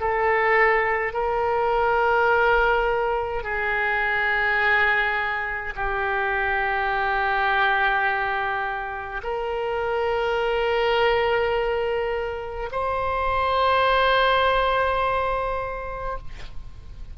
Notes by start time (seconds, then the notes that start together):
0.00 A4
1.13 A#4
3.44 G#4
5.76 G4
9.24 A#4
12.72 C5